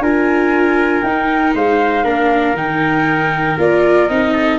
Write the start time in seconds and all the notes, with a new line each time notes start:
0.00 D4 F4 A#4 G#5
1.03 D#4 G5
1.55 G#3 C5 F5
2.04 A#3 D4 A#4
2.54 D#3 D#4 G5
3.58 A#3 F4 D5
4.08 C4 D#4 D#5
4.34 A4